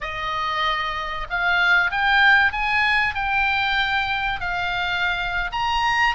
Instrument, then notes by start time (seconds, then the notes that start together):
oboe
0.00 D#5
1.30 F5
1.91 G5
2.52 G#5
3.14 G5
4.40 F5
5.51 A#5